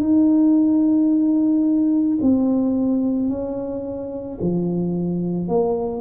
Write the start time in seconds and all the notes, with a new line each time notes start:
0.00 D#4
2.21 C4
3.29 C#4
4.40 F3
5.47 A#3